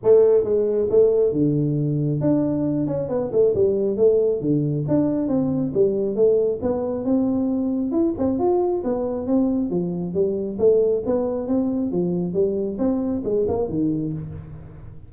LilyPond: \new Staff \with { instrumentName = "tuba" } { \time 4/4 \tempo 4 = 136 a4 gis4 a4 d4~ | d4 d'4. cis'8 b8 a8 | g4 a4 d4 d'4 | c'4 g4 a4 b4 |
c'2 e'8 c'8 f'4 | b4 c'4 f4 g4 | a4 b4 c'4 f4 | g4 c'4 gis8 ais8 dis4 | }